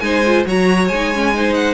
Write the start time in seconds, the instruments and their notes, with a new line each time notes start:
0.00 cello G#3, viola D#4, violin C5 G#5
0.27 viola F4
0.46 cello F#3, viola F#4, violin C#5 A#5
0.88 cello G#3, viola D#4, violin G#5
1.15 viola C#4
1.34 viola D#4, violin C5
1.54 violin F#5